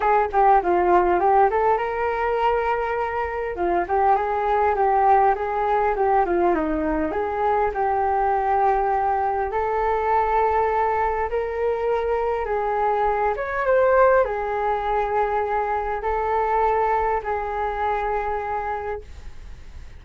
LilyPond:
\new Staff \with { instrumentName = "flute" } { \time 4/4 \tempo 4 = 101 gis'8 g'8 f'4 g'8 a'8 ais'4~ | ais'2 f'8 g'8 gis'4 | g'4 gis'4 g'8 f'8 dis'4 | gis'4 g'2. |
a'2. ais'4~ | ais'4 gis'4. cis''8 c''4 | gis'2. a'4~ | a'4 gis'2. | }